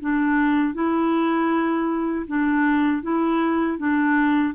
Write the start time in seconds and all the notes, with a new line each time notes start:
0.00 D4
0.74 E4
2.26 D4
3.02 E4
3.78 D4